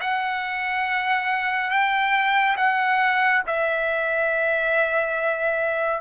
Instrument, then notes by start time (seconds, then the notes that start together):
trumpet
0.00 F#5
1.70 G5
2.56 F#5
3.46 E5